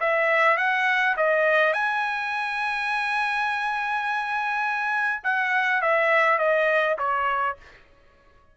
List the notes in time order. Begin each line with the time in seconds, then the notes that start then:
0.00 E5
0.58 F#5
1.17 D#5
1.73 G#5
5.24 F#5
5.82 E5
6.39 D#5
6.99 C#5